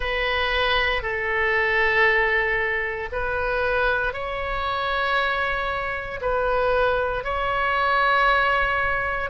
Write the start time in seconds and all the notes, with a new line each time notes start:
0.00 B4
1.02 A4
3.11 B4
4.13 C#5
6.21 B4
7.24 C#5